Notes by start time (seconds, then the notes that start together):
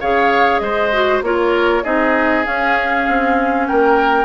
0.00 C#3 G#4 C#5 F5
0.59 G#3 C5 D#5
0.92 F#4
1.22 A#3 F4 A#4 C#5
1.83 C4 D#4 G#4 D#5
2.44 C#4 F5
3.08 C4
3.67 A#3 A#4 G5